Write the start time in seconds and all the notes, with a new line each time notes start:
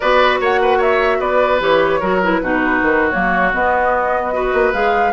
0.00 B3 F#4 B4 D5
0.40 A#3 C#5 F#5
0.61 B4
0.77 C#5 E5
1.19 B3 B4 D5
1.60 E3 G4 C#5
2.00 F#3 F#4 A#4
2.23 E4 B4
2.41 B2 D#4 F#4
2.82 D#3
3.10 F#3 A#3 C#5
3.53 B3 D#5
4.33 F#4 B4
4.53 A#3
4.73 G#3 G#4 F5